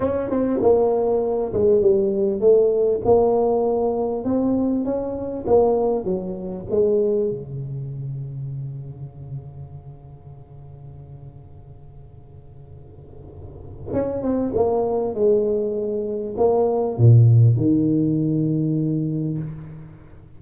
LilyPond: \new Staff \with { instrumentName = "tuba" } { \time 4/4 \tempo 4 = 99 cis'8 c'8 ais4. gis8 g4 | a4 ais2 c'4 | cis'4 ais4 fis4 gis4 | cis1~ |
cis1~ | cis2. cis'8 c'8 | ais4 gis2 ais4 | ais,4 dis2. | }